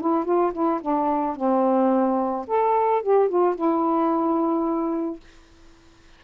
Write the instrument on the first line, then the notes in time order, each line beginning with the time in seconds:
saxophone
0.00 E4
0.24 F4
0.52 E4
0.81 D4
1.36 C4
2.47 A4
3.02 G4
3.28 F4
3.55 E4